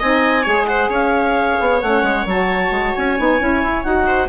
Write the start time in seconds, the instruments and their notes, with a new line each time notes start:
0.00 bassoon C4, saxophone D#4, viola D#5, clarinet G#5
0.44 bassoon G#3, saxophone G#4, viola C#5
0.67 viola C5, clarinet F#5
0.89 bassoon C#4, viola C#5, clarinet F5
1.61 bassoon B3
1.81 bassoon A3, saxophone C#4, clarinet F#5
2.03 bassoon G#3
2.26 bassoon F#3, saxophone F#4, clarinet A5
2.71 bassoon G#3
2.96 bassoon C#4, clarinet G#5
3.18 bassoon B3, saxophone D#4
3.40 bassoon C#4, saxophone E4
3.64 bassoon E4
3.84 bassoon D#4, saxophone F#4, clarinet F#5
4.07 viola C5